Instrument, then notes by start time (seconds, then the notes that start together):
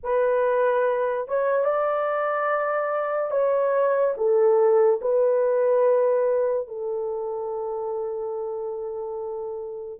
horn
0.03 B4
1.27 C#5
1.64 D5
3.31 C#5
4.17 A4
5.01 B4
6.67 A4